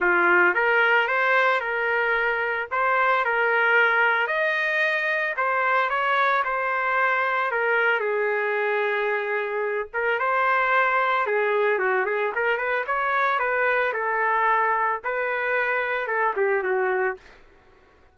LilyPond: \new Staff \with { instrumentName = "trumpet" } { \time 4/4 \tempo 4 = 112 f'4 ais'4 c''4 ais'4~ | ais'4 c''4 ais'2 | dis''2 c''4 cis''4 | c''2 ais'4 gis'4~ |
gis'2~ gis'8 ais'8 c''4~ | c''4 gis'4 fis'8 gis'8 ais'8 b'8 | cis''4 b'4 a'2 | b'2 a'8 g'8 fis'4 | }